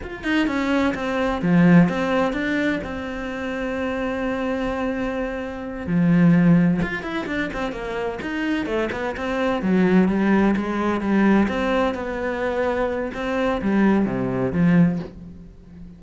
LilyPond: \new Staff \with { instrumentName = "cello" } { \time 4/4 \tempo 4 = 128 f'8 dis'8 cis'4 c'4 f4 | c'4 d'4 c'2~ | c'1~ | c'8 f2 f'8 e'8 d'8 |
c'8 ais4 dis'4 a8 b8 c'8~ | c'8 fis4 g4 gis4 g8~ | g8 c'4 b2~ b8 | c'4 g4 c4 f4 | }